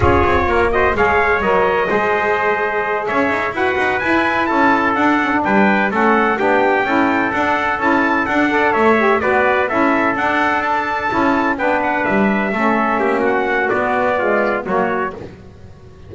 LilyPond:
<<
  \new Staff \with { instrumentName = "trumpet" } { \time 4/4 \tempo 4 = 127 cis''4. dis''8 f''4 dis''4~ | dis''2~ dis''8 e''4 fis''8~ | fis''8 gis''4 a''4 fis''4 g''8~ | g''8 fis''4 g''2 fis''8~ |
fis''8 a''4 fis''4 e''4 d''8~ | d''8 e''4 fis''4 a''4.~ | a''8 g''8 fis''8 e''2~ e''8 | fis''4 d''2 cis''4 | }
  \new Staff \with { instrumentName = "trumpet" } { \time 4/4 gis'4 ais'8 c''8 cis''2 | c''2~ c''8 cis''4 b'8~ | b'4. a'2 b'8~ | b'8 a'4 g'4 a'4.~ |
a'2 d''8 cis''4 b'8~ | b'8 a'2.~ a'8~ | a'8 b'2 a'4 g'8 | fis'2 f'4 fis'4 | }
  \new Staff \with { instrumentName = "saxophone" } { \time 4/4 f'4. fis'8 gis'4 ais'4 | gis'2.~ gis'8 fis'8~ | fis'8 e'2 d'8 cis'16 d'8.~ | d'8 cis'4 d'4 e'4 d'8~ |
d'8 e'4 d'8 a'4 g'8 fis'8~ | fis'8 e'4 d'2 e'8~ | e'8 d'2 cis'4.~ | cis'4 b4 gis4 ais4 | }
  \new Staff \with { instrumentName = "double bass" } { \time 4/4 cis'8 c'8 ais4 gis4 fis4 | gis2~ gis8 cis'8 dis'8 e'8 | dis'8 e'4 cis'4 d'4 g8~ | g8 a4 b4 cis'4 d'8~ |
d'8 cis'4 d'4 a4 b8~ | b8 cis'4 d'2 cis'8~ | cis'8 b4 g4 a4 ais8~ | ais4 b2 fis4 | }
>>